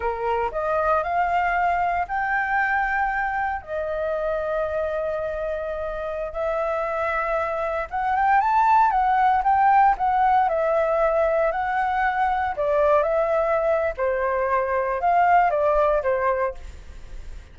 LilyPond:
\new Staff \with { instrumentName = "flute" } { \time 4/4 \tempo 4 = 116 ais'4 dis''4 f''2 | g''2. dis''4~ | dis''1~ | dis''16 e''2. fis''8 g''16~ |
g''16 a''4 fis''4 g''4 fis''8.~ | fis''16 e''2 fis''4.~ fis''16~ | fis''16 d''4 e''4.~ e''16 c''4~ | c''4 f''4 d''4 c''4 | }